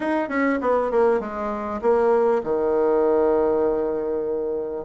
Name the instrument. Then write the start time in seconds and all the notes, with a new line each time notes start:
bassoon
0.00 D#4
0.29 C#4
0.61 B3
0.91 A#3
1.20 G#3
1.81 A#3
2.43 D#3